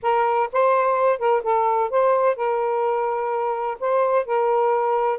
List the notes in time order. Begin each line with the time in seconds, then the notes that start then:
0.02 A#4
0.52 C5
1.18 A#4
1.43 A4
1.90 C5
2.36 A#4
3.79 C5
4.25 A#4